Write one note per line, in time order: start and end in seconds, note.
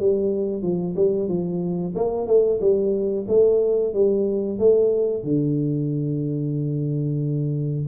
0.00 0.63 G3
0.63 0.96 F3
0.96 1.29 G3
1.29 1.95 F3
1.96 2.27 A#3
2.27 2.60 A3
2.61 3.27 G3
3.28 3.94 A3
3.94 4.59 G3
4.59 5.24 A3
5.24 7.88 D3